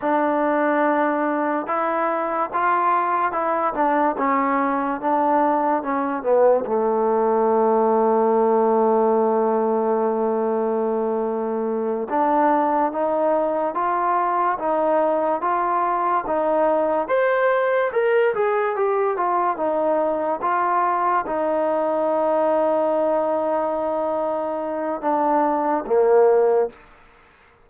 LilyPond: \new Staff \with { instrumentName = "trombone" } { \time 4/4 \tempo 4 = 72 d'2 e'4 f'4 | e'8 d'8 cis'4 d'4 cis'8 b8 | a1~ | a2~ a8 d'4 dis'8~ |
dis'8 f'4 dis'4 f'4 dis'8~ | dis'8 c''4 ais'8 gis'8 g'8 f'8 dis'8~ | dis'8 f'4 dis'2~ dis'8~ | dis'2 d'4 ais4 | }